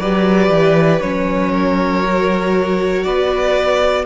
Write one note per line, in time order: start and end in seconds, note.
0.00 0.49 F#3
0.00 1.03 G4
0.00 1.52 B4
0.00 1.01 D5
0.49 1.00 E3
1.01 3.05 F#3
1.01 2.04 C#4
1.01 3.03 C#5
1.52 3.04 A#4
2.04 4.06 F#4
3.03 4.06 B3
3.03 4.06 B4
3.03 4.05 D5